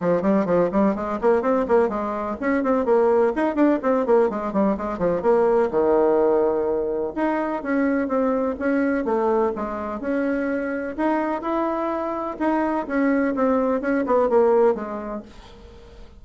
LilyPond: \new Staff \with { instrumentName = "bassoon" } { \time 4/4 \tempo 4 = 126 f8 g8 f8 g8 gis8 ais8 c'8 ais8 | gis4 cis'8 c'8 ais4 dis'8 d'8 | c'8 ais8 gis8 g8 gis8 f8 ais4 | dis2. dis'4 |
cis'4 c'4 cis'4 a4 | gis4 cis'2 dis'4 | e'2 dis'4 cis'4 | c'4 cis'8 b8 ais4 gis4 | }